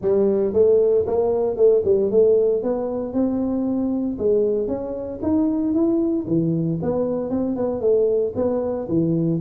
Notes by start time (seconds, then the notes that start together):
0.01 G3
0.53 A3
1.06 A#3
1.56 A3
1.84 G3
2.10 A3
2.63 B3
3.13 C4
4.18 G#3
4.67 C#4
5.22 D#4
5.73 E4
6.27 E3
6.82 B3
7.29 C4
7.55 B3
7.80 A3
8.35 B3
8.88 E3